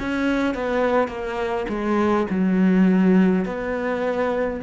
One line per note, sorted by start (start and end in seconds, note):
0.00 0.55 C#4
0.55 1.08 B3
1.08 1.66 A#3
1.69 2.27 G#3
2.30 3.45 F#3
3.45 4.60 B3